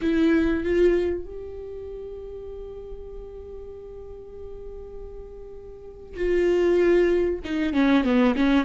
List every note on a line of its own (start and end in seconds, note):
0.01 0.63 E4
0.63 1.24 F4
1.24 6.15 G4
6.15 7.39 F4
7.44 7.73 D#4
7.73 8.04 C#4
8.04 8.34 B3
8.36 8.65 C#4